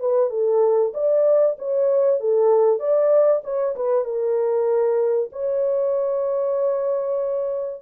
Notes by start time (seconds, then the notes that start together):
0.00 B4
0.30 A4
0.94 D5
1.59 C#5
2.20 A4
2.79 D5
3.44 C#5
3.76 B4
4.05 A#4
5.32 C#5